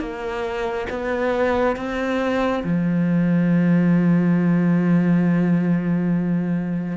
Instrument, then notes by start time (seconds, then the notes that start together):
cello
0.00 A#3
0.90 B3
1.76 C4
2.64 F3